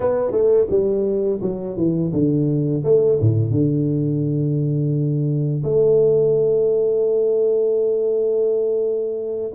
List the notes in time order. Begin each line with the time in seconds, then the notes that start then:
0.00 B3
0.31 A3
0.69 G3
1.41 F#3
1.76 E3
2.12 D3
2.84 A3
3.20 A2
3.50 D3
5.63 A3